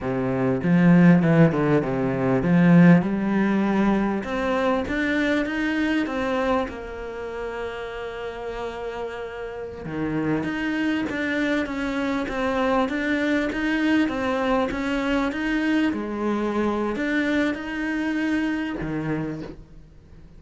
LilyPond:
\new Staff \with { instrumentName = "cello" } { \time 4/4 \tempo 4 = 99 c4 f4 e8 d8 c4 | f4 g2 c'4 | d'4 dis'4 c'4 ais4~ | ais1~ |
ais16 dis4 dis'4 d'4 cis'8.~ | cis'16 c'4 d'4 dis'4 c'8.~ | c'16 cis'4 dis'4 gis4.~ gis16 | d'4 dis'2 dis4 | }